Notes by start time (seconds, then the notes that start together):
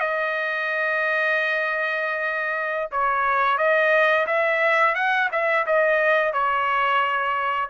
0.00 D#5
2.91 C#5
3.58 D#5
4.27 E5
4.95 F#5
5.32 E5
5.66 D#5
6.33 C#5